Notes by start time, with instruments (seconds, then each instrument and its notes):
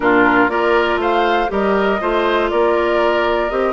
0.00 bassoon A#2, clarinet D4, oboe F4, flute A#4
0.49 bassoon A#3, clarinet F4, oboe A#4, flute D5
0.96 bassoon A3, oboe C5, flute F5
1.48 bassoon G3, clarinet G4, oboe A#4, flute D#5
2.00 bassoon A3, clarinet F4, oboe C5
2.49 bassoon A#3, oboe A#4, flute D5
3.49 bassoon C4, clarinet G4, flute D#5